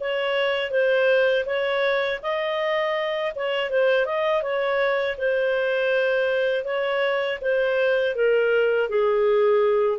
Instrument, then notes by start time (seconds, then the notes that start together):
clarinet
0.00 C#5
0.71 C5
1.46 C#5
2.22 D#5
3.35 C#5
3.70 C5
4.06 D#5
4.42 C#5
5.18 C5
6.65 C#5
7.41 C5
8.15 A#4
8.89 G#4